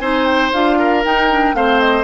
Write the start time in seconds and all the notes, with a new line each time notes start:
0.00 C4 D#4 C5 G#5
0.26 G5
0.53 D4 F4 F5
0.79 A#4
1.04 D#4 G5
1.30 D4
1.54 A3 C4 C5 F5
1.81 D#5